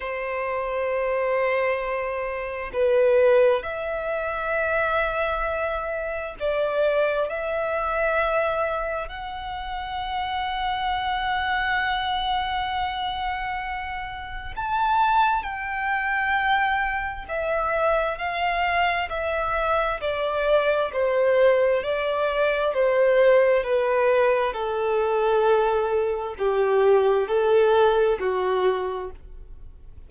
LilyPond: \new Staff \with { instrumentName = "violin" } { \time 4/4 \tempo 4 = 66 c''2. b'4 | e''2. d''4 | e''2 fis''2~ | fis''1 |
a''4 g''2 e''4 | f''4 e''4 d''4 c''4 | d''4 c''4 b'4 a'4~ | a'4 g'4 a'4 fis'4 | }